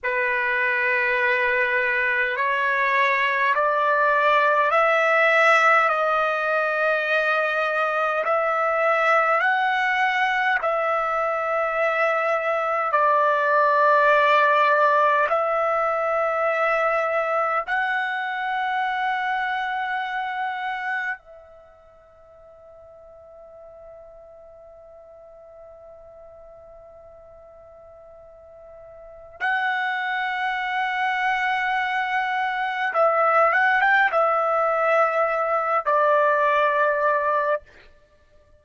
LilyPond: \new Staff \with { instrumentName = "trumpet" } { \time 4/4 \tempo 4 = 51 b'2 cis''4 d''4 | e''4 dis''2 e''4 | fis''4 e''2 d''4~ | d''4 e''2 fis''4~ |
fis''2 e''2~ | e''1~ | e''4 fis''2. | e''8 fis''16 g''16 e''4. d''4. | }